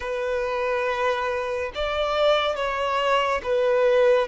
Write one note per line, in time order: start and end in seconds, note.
0.00 1.71 B4
1.74 2.55 D5
2.55 3.41 C#5
3.43 4.27 B4